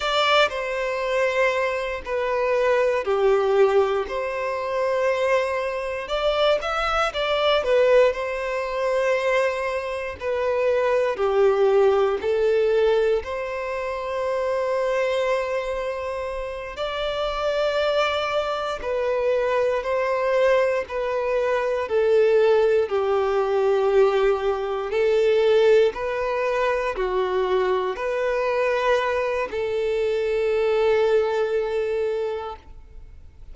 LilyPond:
\new Staff \with { instrumentName = "violin" } { \time 4/4 \tempo 4 = 59 d''8 c''4. b'4 g'4 | c''2 d''8 e''8 d''8 b'8 | c''2 b'4 g'4 | a'4 c''2.~ |
c''8 d''2 b'4 c''8~ | c''8 b'4 a'4 g'4.~ | g'8 a'4 b'4 fis'4 b'8~ | b'4 a'2. | }